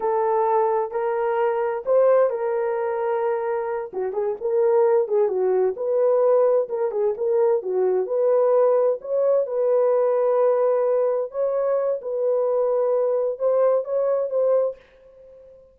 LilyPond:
\new Staff \with { instrumentName = "horn" } { \time 4/4 \tempo 4 = 130 a'2 ais'2 | c''4 ais'2.~ | ais'8 fis'8 gis'8 ais'4. gis'8 fis'8~ | fis'8 b'2 ais'8 gis'8 ais'8~ |
ais'8 fis'4 b'2 cis''8~ | cis''8 b'2.~ b'8~ | b'8 cis''4. b'2~ | b'4 c''4 cis''4 c''4 | }